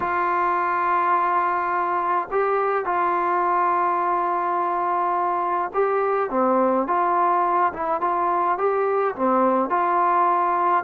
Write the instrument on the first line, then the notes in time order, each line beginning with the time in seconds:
trombone
0.00 F4
2.31 G4
2.85 F4
5.73 G4
6.30 C4
6.87 F4
7.73 E4
8.00 F4
8.58 G4
9.15 C4
9.69 F4